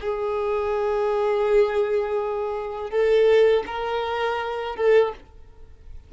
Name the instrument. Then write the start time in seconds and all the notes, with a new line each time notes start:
violin
0.00 G#4
2.90 A4
3.66 A#4
4.76 A4